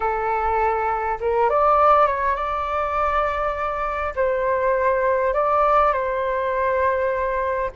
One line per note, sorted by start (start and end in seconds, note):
0.00 1.18 A4
1.20 1.49 A#4
1.49 2.07 D5
2.07 2.35 C#5
2.35 4.13 D5
4.15 5.33 C5
5.33 5.92 D5
5.92 7.70 C5